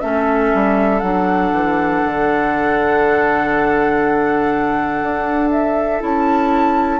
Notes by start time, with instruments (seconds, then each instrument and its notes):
0.00 bassoon A3, clarinet C#4, oboe A4, flute E5
0.54 bassoon G3
1.00 bassoon F#3, clarinet D4, flute F#5
1.52 bassoon E3
2.05 bassoon D3
5.02 bassoon D4
5.51 flute E5
6.00 bassoon C#4, clarinet E4, flute A5